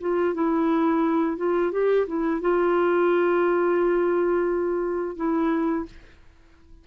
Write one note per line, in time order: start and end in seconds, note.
0.00 0.34 F4
0.34 1.37 E4
1.37 1.71 F4
1.71 2.06 G4
2.07 2.41 E4
2.41 5.16 F4
5.16 5.85 E4